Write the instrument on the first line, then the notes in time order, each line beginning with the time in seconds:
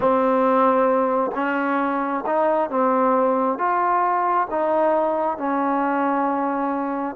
trombone
0.00 C4
1.34 C#4
2.26 D#4
2.69 C4
3.58 F4
4.50 D#4
5.37 C#4